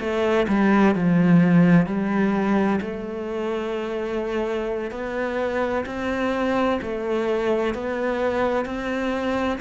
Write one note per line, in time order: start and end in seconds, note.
0.00 0.47 A3
0.49 0.95 G3
0.95 1.87 F3
1.87 2.80 G3
2.81 4.91 A3
4.91 5.85 B3
5.86 6.80 C4
6.82 7.74 A3
7.74 8.66 B3
8.66 9.60 C4